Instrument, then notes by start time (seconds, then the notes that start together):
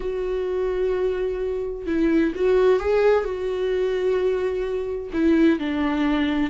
viola
0.00 F#4
1.86 E4
2.35 F#4
2.79 G#4
3.24 F#4
5.13 E4
5.59 D4